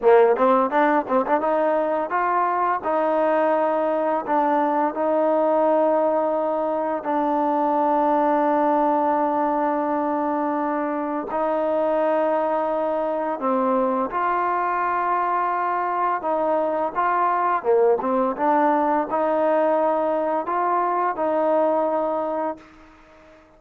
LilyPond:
\new Staff \with { instrumentName = "trombone" } { \time 4/4 \tempo 4 = 85 ais8 c'8 d'8 c'16 d'16 dis'4 f'4 | dis'2 d'4 dis'4~ | dis'2 d'2~ | d'1 |
dis'2. c'4 | f'2. dis'4 | f'4 ais8 c'8 d'4 dis'4~ | dis'4 f'4 dis'2 | }